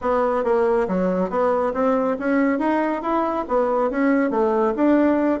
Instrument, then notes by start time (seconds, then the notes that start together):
bassoon
0.01 B3
0.44 A#3
0.88 F#3
1.29 B3
1.73 C4
2.19 C#4
2.59 D#4
3.01 E4
3.47 B3
3.90 C#4
4.30 A3
4.76 D4